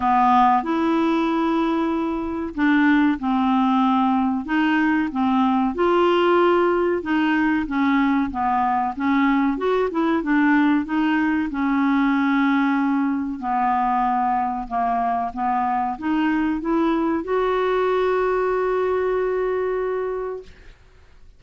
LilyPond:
\new Staff \with { instrumentName = "clarinet" } { \time 4/4 \tempo 4 = 94 b4 e'2. | d'4 c'2 dis'4 | c'4 f'2 dis'4 | cis'4 b4 cis'4 fis'8 e'8 |
d'4 dis'4 cis'2~ | cis'4 b2 ais4 | b4 dis'4 e'4 fis'4~ | fis'1 | }